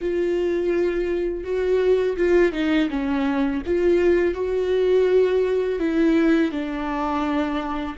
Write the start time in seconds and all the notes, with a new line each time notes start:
0.01 F4
1.44 F#4
2.17 F4
2.52 D#4
2.89 C#4
3.66 F4
4.34 F#4
5.79 E4
6.51 D4